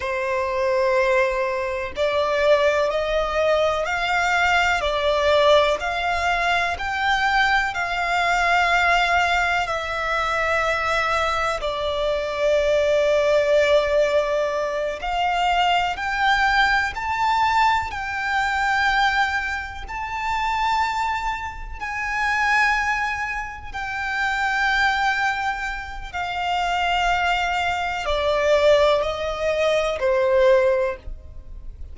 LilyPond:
\new Staff \with { instrumentName = "violin" } { \time 4/4 \tempo 4 = 62 c''2 d''4 dis''4 | f''4 d''4 f''4 g''4 | f''2 e''2 | d''2.~ d''8 f''8~ |
f''8 g''4 a''4 g''4.~ | g''8 a''2 gis''4.~ | gis''8 g''2~ g''8 f''4~ | f''4 d''4 dis''4 c''4 | }